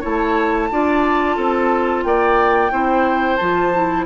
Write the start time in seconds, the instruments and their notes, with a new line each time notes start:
0.00 bassoon A3, clarinet E4, oboe C#5, flute A5
0.71 bassoon D4, clarinet F4, oboe D5
1.36 bassoon C4, oboe A4
2.03 bassoon A#3, oboe D5, flute G5
2.71 bassoon C4, clarinet E4, oboe C5
3.36 bassoon F3, clarinet F4, flute A5
3.74 clarinet E4